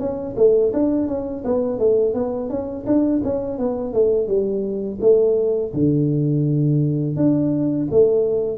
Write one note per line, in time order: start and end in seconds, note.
0.00 0.36 C#4
0.37 0.73 A3
0.73 1.08 D4
1.08 1.44 C#4
1.45 1.79 B3
1.79 2.15 A3
2.15 2.50 B3
2.50 2.86 C#4
2.87 3.22 D4
3.25 3.59 C#4
3.59 3.94 B3
3.94 4.28 A3
4.28 4.99 G3
5.01 5.73 A3
5.74 7.17 D3
7.17 7.88 D4
7.91 8.58 A3